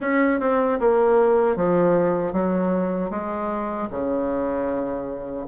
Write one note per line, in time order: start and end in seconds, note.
0.00 0.39 C#4
0.40 0.79 C4
0.79 1.55 A#3
1.55 2.32 F3
2.32 3.10 F#3
3.10 3.88 G#3
3.90 5.46 C#3